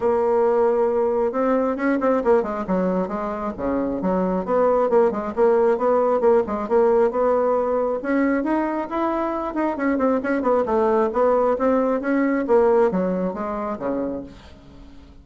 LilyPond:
\new Staff \with { instrumentName = "bassoon" } { \time 4/4 \tempo 4 = 135 ais2. c'4 | cis'8 c'8 ais8 gis8 fis4 gis4 | cis4 fis4 b4 ais8 gis8 | ais4 b4 ais8 gis8 ais4 |
b2 cis'4 dis'4 | e'4. dis'8 cis'8 c'8 cis'8 b8 | a4 b4 c'4 cis'4 | ais4 fis4 gis4 cis4 | }